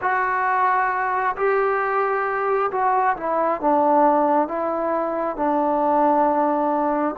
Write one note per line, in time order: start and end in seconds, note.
0.01 1.36 F#4
1.36 2.71 G4
2.71 3.16 F#4
3.16 3.61 E4
3.61 4.48 D4
4.48 5.36 E4
5.36 7.15 D4